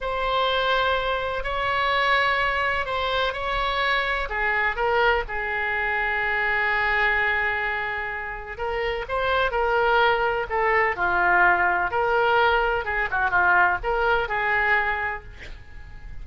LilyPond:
\new Staff \with { instrumentName = "oboe" } { \time 4/4 \tempo 4 = 126 c''2. cis''4~ | cis''2 c''4 cis''4~ | cis''4 gis'4 ais'4 gis'4~ | gis'1~ |
gis'2 ais'4 c''4 | ais'2 a'4 f'4~ | f'4 ais'2 gis'8 fis'8 | f'4 ais'4 gis'2 | }